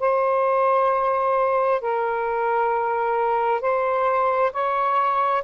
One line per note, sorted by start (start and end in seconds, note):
0.00 1.81 C5
1.81 3.61 A#4
3.61 4.52 C5
4.53 5.44 C#5